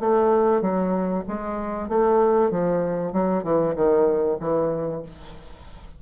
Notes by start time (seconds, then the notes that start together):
0.00 A3
0.61 F#3
1.28 G#3
1.89 A3
2.51 F3
3.12 F#3
3.43 E3
3.75 D#3
4.40 E3